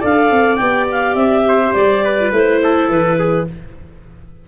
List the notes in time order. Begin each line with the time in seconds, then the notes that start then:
0.00 D4 A4 D5 F5
0.31 C4
0.56 B3 G4 G5
0.91 F5
1.15 C4 E5
1.48 C5
1.73 G3 D5
2.04 B4
2.20 F4
2.32 A3 E4 C5
2.63 A4
2.89 E3 B4
3.19 G#4